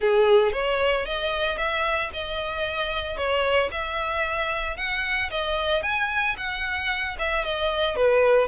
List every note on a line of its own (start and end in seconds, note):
0.00 0.52 G#4
0.52 1.05 C#5
1.05 1.57 D#5
1.57 2.10 E5
2.13 3.17 D#5
3.17 3.70 C#5
3.71 4.76 E5
4.76 5.30 F#5
5.30 5.82 D#5
5.82 6.35 G#5
6.37 7.16 F#5
7.18 7.44 E5
7.44 7.95 D#5
7.95 8.47 B4